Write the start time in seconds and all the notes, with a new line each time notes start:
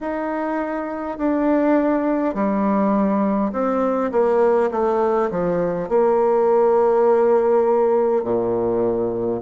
0.01 D#4
1.18 D4
2.34 G3
3.52 C4
4.11 A#3
4.71 A3
5.30 F3
5.88 A#3
8.24 A#2